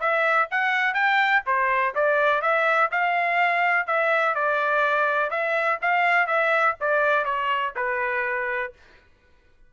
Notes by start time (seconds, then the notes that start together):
0.00 E5
0.51 F#5
0.94 G5
1.46 C5
1.95 D5
2.42 E5
2.92 F5
3.87 E5
4.35 D5
5.30 E5
5.82 F5
6.27 E5
6.81 D5
7.25 C#5
7.76 B4